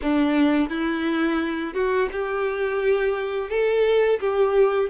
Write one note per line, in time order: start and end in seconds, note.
0.02 0.69 D4
0.69 1.74 E4
1.74 2.09 F#4
2.12 3.49 G4
3.49 4.19 A4
4.20 4.89 G4